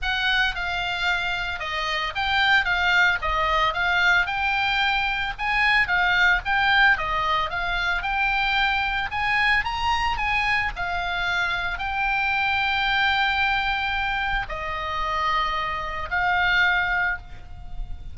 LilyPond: \new Staff \with { instrumentName = "oboe" } { \time 4/4 \tempo 4 = 112 fis''4 f''2 dis''4 | g''4 f''4 dis''4 f''4 | g''2 gis''4 f''4 | g''4 dis''4 f''4 g''4~ |
g''4 gis''4 ais''4 gis''4 | f''2 g''2~ | g''2. dis''4~ | dis''2 f''2 | }